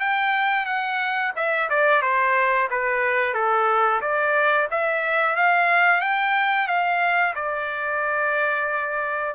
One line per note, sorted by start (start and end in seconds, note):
0.00 0.66 G5
0.66 1.32 F#5
1.36 1.69 E5
1.70 2.02 D5
2.02 2.68 C5
2.70 3.34 B4
3.34 4.01 A4
4.01 4.68 D5
4.71 5.36 E5
5.36 6.01 F5
6.01 6.68 G5
6.68 7.34 F5
7.35 9.35 D5